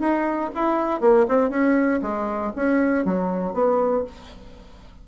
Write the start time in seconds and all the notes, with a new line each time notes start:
0.00 D#4
0.55 E4
1.01 A#3
1.29 C4
1.50 C#4
2.02 G#3
2.56 C#4
3.05 F#3
3.54 B3